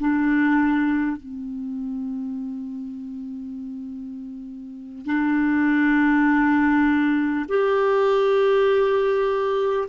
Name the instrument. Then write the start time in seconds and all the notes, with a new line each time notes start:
clarinet
0.00 D4
1.17 C4
5.06 D4
7.49 G4